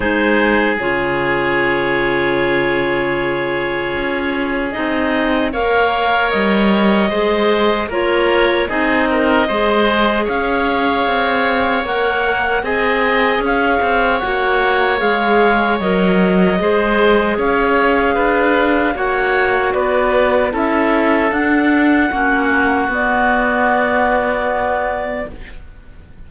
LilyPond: <<
  \new Staff \with { instrumentName = "clarinet" } { \time 4/4 \tempo 4 = 76 c''4 cis''2.~ | cis''2 dis''4 f''4 | dis''2 cis''4 dis''4~ | dis''4 f''2 fis''4 |
gis''4 f''4 fis''4 f''4 | dis''2 f''2 | fis''4 d''4 e''4 fis''4~ | fis''4 d''2. | }
  \new Staff \with { instrumentName = "oboe" } { \time 4/4 gis'1~ | gis'2. cis''4~ | cis''4 c''4 ais'4 gis'8 ais'8 | c''4 cis''2. |
dis''4 cis''2.~ | cis''4 c''4 cis''4 b'4 | cis''4 b'4 a'2 | fis'1 | }
  \new Staff \with { instrumentName = "clarinet" } { \time 4/4 dis'4 f'2.~ | f'2 dis'4 ais'4~ | ais'4 gis'4 f'4 dis'4 | gis'2. ais'4 |
gis'2 fis'4 gis'4 | ais'4 gis'2. | fis'2 e'4 d'4 | cis'4 b2. | }
  \new Staff \with { instrumentName = "cello" } { \time 4/4 gis4 cis2.~ | cis4 cis'4 c'4 ais4 | g4 gis4 ais4 c'4 | gis4 cis'4 c'4 ais4 |
c'4 cis'8 c'8 ais4 gis4 | fis4 gis4 cis'4 d'4 | ais4 b4 cis'4 d'4 | ais4 b2. | }
>>